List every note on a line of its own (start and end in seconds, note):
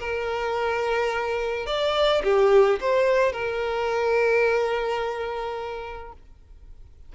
0.00 1.67 A#4
1.67 2.23 D5
2.24 2.80 G4
2.81 3.33 C5
3.33 6.13 A#4